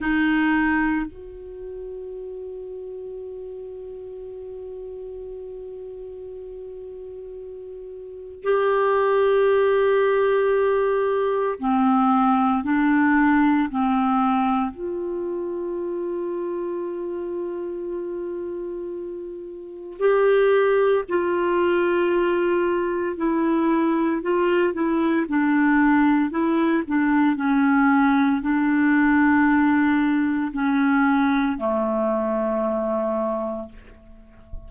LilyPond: \new Staff \with { instrumentName = "clarinet" } { \time 4/4 \tempo 4 = 57 dis'4 fis'2.~ | fis'1 | g'2. c'4 | d'4 c'4 f'2~ |
f'2. g'4 | f'2 e'4 f'8 e'8 | d'4 e'8 d'8 cis'4 d'4~ | d'4 cis'4 a2 | }